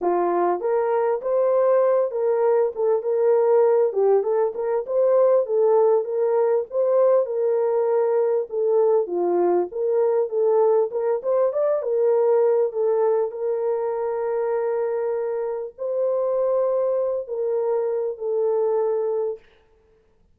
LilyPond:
\new Staff \with { instrumentName = "horn" } { \time 4/4 \tempo 4 = 99 f'4 ais'4 c''4. ais'8~ | ais'8 a'8 ais'4. g'8 a'8 ais'8 | c''4 a'4 ais'4 c''4 | ais'2 a'4 f'4 |
ais'4 a'4 ais'8 c''8 d''8 ais'8~ | ais'4 a'4 ais'2~ | ais'2 c''2~ | c''8 ais'4. a'2 | }